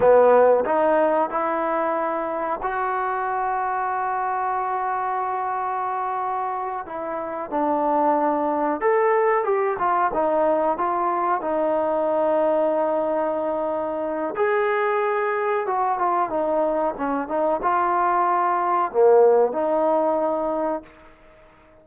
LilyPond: \new Staff \with { instrumentName = "trombone" } { \time 4/4 \tempo 4 = 92 b4 dis'4 e'2 | fis'1~ | fis'2~ fis'8 e'4 d'8~ | d'4. a'4 g'8 f'8 dis'8~ |
dis'8 f'4 dis'2~ dis'8~ | dis'2 gis'2 | fis'8 f'8 dis'4 cis'8 dis'8 f'4~ | f'4 ais4 dis'2 | }